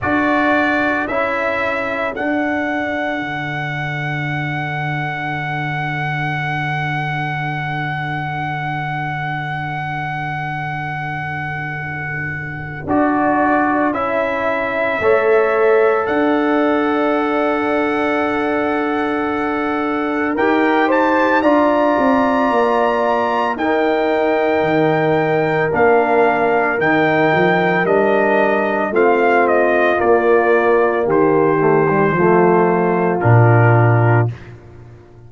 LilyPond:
<<
  \new Staff \with { instrumentName = "trumpet" } { \time 4/4 \tempo 4 = 56 d''4 e''4 fis''2~ | fis''1~ | fis''1 | d''4 e''2 fis''4~ |
fis''2. g''8 a''8 | ais''2 g''2 | f''4 g''4 dis''4 f''8 dis''8 | d''4 c''2 ais'4 | }
  \new Staff \with { instrumentName = "horn" } { \time 4/4 a'1~ | a'1~ | a'1~ | a'2 cis''4 d''4~ |
d''2. ais'8 c''8 | d''2 ais'2~ | ais'2. f'4~ | f'4 g'4 f'2 | }
  \new Staff \with { instrumentName = "trombone" } { \time 4/4 fis'4 e'4 d'2~ | d'1~ | d'1 | fis'4 e'4 a'2~ |
a'2. g'4 | f'2 dis'2 | d'4 dis'4 d'4 c'4 | ais4. a16 g16 a4 d'4 | }
  \new Staff \with { instrumentName = "tuba" } { \time 4/4 d'4 cis'4 d'4 d4~ | d1~ | d1 | d'4 cis'4 a4 d'4~ |
d'2. dis'4 | d'8 c'8 ais4 dis'4 dis4 | ais4 dis8 f8 g4 a4 | ais4 dis4 f4 ais,4 | }
>>